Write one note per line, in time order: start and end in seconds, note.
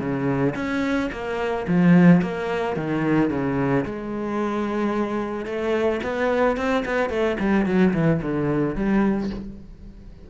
0.00 0.55 C#3
0.56 1.10 C#4
1.12 1.67 A#3
1.68 2.22 F3
2.22 2.76 A#3
2.76 3.30 D#3
3.30 3.85 C#3
3.85 5.46 G#3
5.46 6.00 A3
6.03 6.57 B3
6.57 6.84 C4
6.86 7.10 B3
7.10 7.37 A3
7.40 7.66 G3
7.66 7.93 F#3
7.94 8.21 E3
8.22 8.75 D3
8.75 9.30 G3